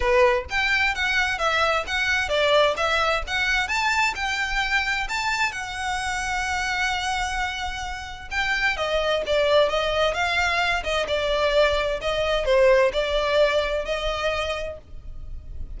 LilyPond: \new Staff \with { instrumentName = "violin" } { \time 4/4 \tempo 4 = 130 b'4 g''4 fis''4 e''4 | fis''4 d''4 e''4 fis''4 | a''4 g''2 a''4 | fis''1~ |
fis''2 g''4 dis''4 | d''4 dis''4 f''4. dis''8 | d''2 dis''4 c''4 | d''2 dis''2 | }